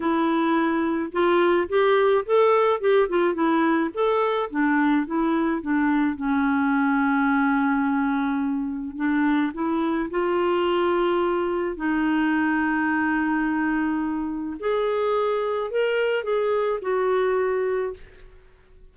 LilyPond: \new Staff \with { instrumentName = "clarinet" } { \time 4/4 \tempo 4 = 107 e'2 f'4 g'4 | a'4 g'8 f'8 e'4 a'4 | d'4 e'4 d'4 cis'4~ | cis'1 |
d'4 e'4 f'2~ | f'4 dis'2.~ | dis'2 gis'2 | ais'4 gis'4 fis'2 | }